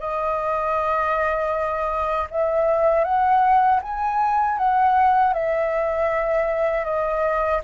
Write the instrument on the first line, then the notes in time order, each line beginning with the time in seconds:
flute
0.00 D#5
2.31 E5
3.04 F#5
3.83 G#5
4.58 F#5
5.34 E5
6.85 D#5